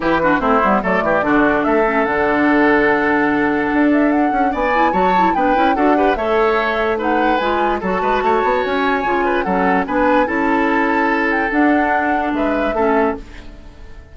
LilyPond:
<<
  \new Staff \with { instrumentName = "flute" } { \time 4/4 \tempo 4 = 146 b'4 c''4 d''2 | e''4 fis''2.~ | fis''4. e''8 fis''4 gis''4 | a''4 g''4 fis''4 e''4~ |
e''4 fis''4 gis''4 a''4~ | a''4 gis''2 fis''4 | gis''4 a''2~ a''8 g''8 | fis''2 e''2 | }
  \new Staff \with { instrumentName = "oboe" } { \time 4/4 g'8 fis'8 e'4 a'8 g'8 fis'4 | a'1~ | a'2. d''4 | cis''4 b'4 a'8 b'8 cis''4~ |
cis''4 b'2 a'8 b'8 | cis''2~ cis''8 b'8 a'4 | b'4 a'2.~ | a'2 b'4 a'4 | }
  \new Staff \with { instrumentName = "clarinet" } { \time 4/4 e'8 d'8 c'8 b8 a4 d'4~ | d'8 cis'8 d'2.~ | d'2.~ d'8 e'8 | fis'8 e'8 d'8 e'8 fis'8 g'8 a'4~ |
a'4 dis'4 f'4 fis'4~ | fis'2 f'4 cis'4 | d'4 e'2. | d'2. cis'4 | }
  \new Staff \with { instrumentName = "bassoon" } { \time 4/4 e4 a8 g8 fis8 e8 d4 | a4 d2.~ | d4 d'4. cis'8 b4 | fis4 b8 cis'8 d'4 a4~ |
a2 gis4 fis8 gis8 | a8 b8 cis'4 cis4 fis4 | b4 cis'2. | d'2 gis4 a4 | }
>>